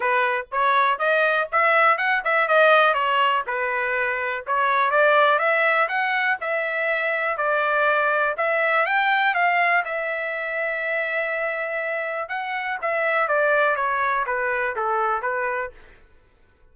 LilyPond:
\new Staff \with { instrumentName = "trumpet" } { \time 4/4 \tempo 4 = 122 b'4 cis''4 dis''4 e''4 | fis''8 e''8 dis''4 cis''4 b'4~ | b'4 cis''4 d''4 e''4 | fis''4 e''2 d''4~ |
d''4 e''4 g''4 f''4 | e''1~ | e''4 fis''4 e''4 d''4 | cis''4 b'4 a'4 b'4 | }